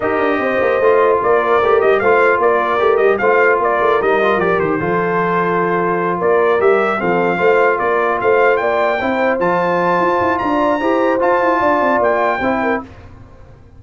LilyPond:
<<
  \new Staff \with { instrumentName = "trumpet" } { \time 4/4 \tempo 4 = 150 dis''2. d''4~ | d''8 dis''8 f''4 d''4. dis''8 | f''4 d''4 dis''4 d''8 c''8~ | c''2.~ c''8 d''8~ |
d''8 e''4 f''2 d''8~ | d''8 f''4 g''2 a''8~ | a''2 ais''2 | a''2 g''2 | }
  \new Staff \with { instrumentName = "horn" } { \time 4/4 ais'4 c''2 ais'4~ | ais'4 c''4 ais'2 | c''4 ais'2. | a'2.~ a'8 ais'8~ |
ais'4. a'4 c''4 ais'8~ | ais'8 c''4 d''4 c''4.~ | c''2 d''4 c''4~ | c''4 d''2 c''8 ais'8 | }
  \new Staff \with { instrumentName = "trombone" } { \time 4/4 g'2 f'2 | g'4 f'2 g'4 | f'2 dis'8 f'8 g'4 | f'1~ |
f'8 g'4 c'4 f'4.~ | f'2~ f'8 e'4 f'8~ | f'2. g'4 | f'2. e'4 | }
  \new Staff \with { instrumentName = "tuba" } { \time 4/4 dis'8 d'8 c'8 ais8 a4 ais4 | a8 g8 a4 ais4 a8 g8 | a4 ais8 a8 g4 f8 dis8 | f2.~ f8 ais8~ |
ais8 g4 f4 a4 ais8~ | ais8 a4 ais4 c'4 f8~ | f4 f'8 e'8 d'4 e'4 | f'8 e'8 d'8 c'8 ais4 c'4 | }
>>